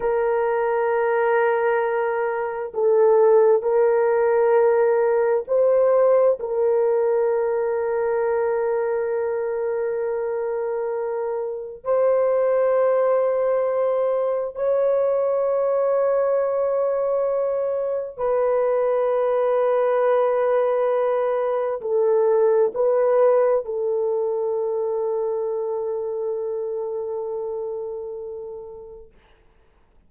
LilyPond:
\new Staff \with { instrumentName = "horn" } { \time 4/4 \tempo 4 = 66 ais'2. a'4 | ais'2 c''4 ais'4~ | ais'1~ | ais'4 c''2. |
cis''1 | b'1 | a'4 b'4 a'2~ | a'1 | }